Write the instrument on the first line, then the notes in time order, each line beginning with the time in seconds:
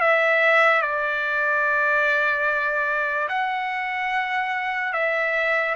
trumpet
0.00 E5
0.81 D5
3.28 F#5
4.93 E5